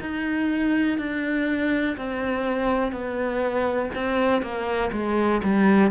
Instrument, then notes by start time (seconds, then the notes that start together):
cello
0.00 D#4
0.98 D4
1.97 C4
2.92 B3
3.95 C4
4.42 A#3
4.92 G#3
5.43 G3